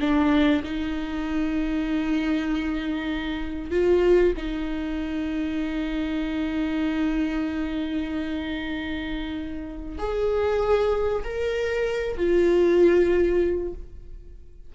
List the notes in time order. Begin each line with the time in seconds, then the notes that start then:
0.00 D4
0.64 D#4
3.71 F4
4.37 D#4
9.98 G#4
11.24 A#4
12.17 F4